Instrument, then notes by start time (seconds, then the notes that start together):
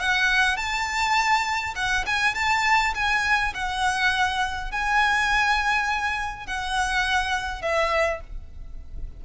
violin
0.00 F#5
0.56 A5
1.75 F#5
2.06 G#5
2.35 A5
2.95 G#5
3.54 F#5
4.71 G#5
6.47 F#5
7.62 E5